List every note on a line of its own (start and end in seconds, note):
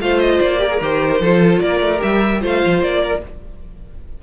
0.00 0.40 A3
0.00 0.59 F4
0.00 0.62 C5
0.00 0.21 F5
0.21 0.41 D#5
0.41 0.81 A#3
0.41 0.81 D5
0.59 0.69 G4
0.59 1.22 A#4
0.70 0.80 G#4
0.81 1.20 D#3
0.81 1.22 G4
0.81 1.59 C5
1.20 1.61 F3
1.20 1.97 F4
1.20 1.62 A4
1.59 1.81 A#3
1.59 2.42 A#4
1.59 2.00 D5
1.81 2.01 A3
1.97 2.38 G4
1.97 2.43 E5
2.04 2.44 G3
2.41 2.64 A3
2.41 3.21 F4
2.41 3.02 C5
2.41 2.83 F5
2.66 2.80 F3
2.80 3.21 A#3
2.80 3.23 D5
3.02 3.22 A#4